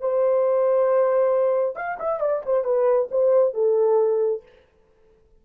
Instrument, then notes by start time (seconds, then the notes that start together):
horn
0.00 C5
1.76 F5
1.99 E5
2.20 D5
2.45 C5
2.64 B4
3.11 C5
3.54 A4